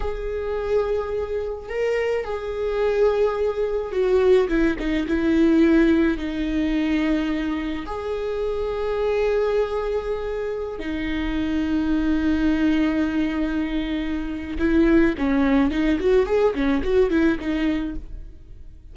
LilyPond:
\new Staff \with { instrumentName = "viola" } { \time 4/4 \tempo 4 = 107 gis'2. ais'4 | gis'2. fis'4 | e'8 dis'8 e'2 dis'4~ | dis'2 gis'2~ |
gis'2.~ gis'16 dis'8.~ | dis'1~ | dis'2 e'4 cis'4 | dis'8 fis'8 gis'8 cis'8 fis'8 e'8 dis'4 | }